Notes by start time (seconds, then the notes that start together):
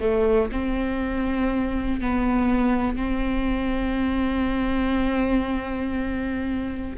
0.00 A3
0.52 C4
2.00 B3
2.96 C4